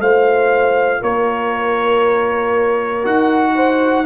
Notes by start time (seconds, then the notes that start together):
0.00 A3 F4 C5 F5
1.01 A#3 A#4 C#5
3.03 D#4 F#4 F#5
3.54 C5